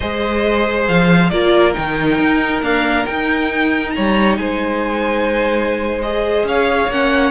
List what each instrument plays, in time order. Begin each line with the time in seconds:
0.00 cello G#3, viola G#4, violin C5 D#5
0.88 cello F3, violin F5
1.29 cello A#3, viola F4, violin A#4 D5
1.73 cello D#3, viola D#4, violin G5
2.19 cello D#4
2.62 viola A#3, cello D4, violin F5
3.05 viola D#4, cello D#4, violin G5
3.90 violin C#5 A#5
3.97 cello G3
4.37 cello G#3, violin C5 G#5
6.01 viola G#4, violin D#5
6.43 cello C#4, violin C#5 F5
6.88 cello A#3, viola C#4, violin F#5